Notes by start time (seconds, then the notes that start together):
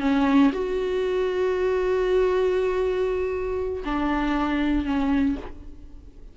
0.00 C#4
0.53 F#4
3.85 D4
4.85 C#4